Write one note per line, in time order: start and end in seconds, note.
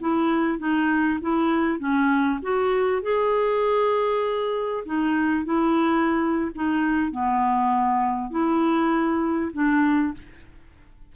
0.00 0.58 E4
0.58 1.19 D#4
1.21 1.79 E4
1.79 2.39 C#4
2.42 3.02 F#4
3.02 4.84 G#4
4.85 5.45 D#4
5.45 6.51 E4
6.55 7.11 D#4
7.11 8.30 B3
8.30 9.52 E4
9.53 10.13 D4